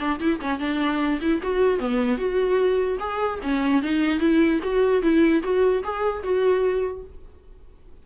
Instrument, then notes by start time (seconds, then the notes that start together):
viola
0.00 D4
0.20 E4
0.41 C#4
0.60 D4
1.22 E4
1.43 F#4
1.79 B3
2.18 F#4
3.00 G#4
3.43 C#4
3.83 D#4
4.20 E4
4.63 F#4
5.03 E4
5.43 F#4
5.84 G#4
6.24 F#4